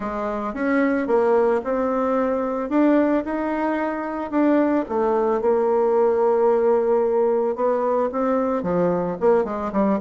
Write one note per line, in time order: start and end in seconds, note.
0.00 0.54 G#3
0.54 1.07 C#4
1.07 1.61 A#3
1.64 2.69 C4
2.69 3.23 D4
3.25 4.30 D#4
4.30 4.85 D4
4.88 5.41 A3
5.41 7.55 A#3
7.55 8.09 B3
8.12 8.62 C4
8.62 9.16 F3
9.20 9.44 A#3
9.44 9.71 G#3
9.72 9.99 G3